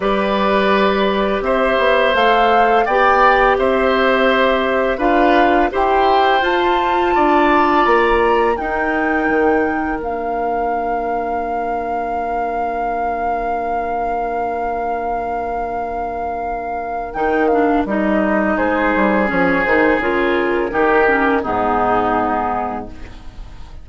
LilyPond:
<<
  \new Staff \with { instrumentName = "flute" } { \time 4/4 \tempo 4 = 84 d''2 e''4 f''4 | g''4 e''2 f''4 | g''4 a''2 ais''4 | g''2 f''2~ |
f''1~ | f''1 | g''8 f''8 dis''4 c''4 cis''8 c''8 | ais'2 gis'2 | }
  \new Staff \with { instrumentName = "oboe" } { \time 4/4 b'2 c''2 | d''4 c''2 b'4 | c''2 d''2 | ais'1~ |
ais'1~ | ais'1~ | ais'2 gis'2~ | gis'4 g'4 dis'2 | }
  \new Staff \with { instrumentName = "clarinet" } { \time 4/4 g'2. a'4 | g'2. f'4 | g'4 f'2. | dis'2 d'2~ |
d'1~ | d'1 | dis'8 d'8 dis'2 cis'8 dis'8 | f'4 dis'8 cis'8 b2 | }
  \new Staff \with { instrumentName = "bassoon" } { \time 4/4 g2 c'8 b8 a4 | b4 c'2 d'4 | e'4 f'4 d'4 ais4 | dis'4 dis4 ais2~ |
ais1~ | ais1 | dis4 g4 gis8 g8 f8 dis8 | cis4 dis4 gis,2 | }
>>